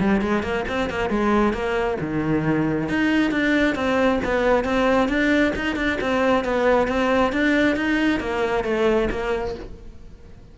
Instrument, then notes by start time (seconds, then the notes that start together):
cello
0.00 G3
0.21 G#3
0.43 A#3
0.68 C4
0.90 A#3
1.10 G#3
1.54 A#3
2.00 D#3
2.89 D#4
3.31 D4
3.75 C4
4.25 B3
4.64 C4
5.08 D4
5.56 D#4
5.76 D4
6.01 C4
6.44 B3
6.88 C4
7.33 D4
7.76 D#4
8.20 A#3
8.64 A3
9.11 A#3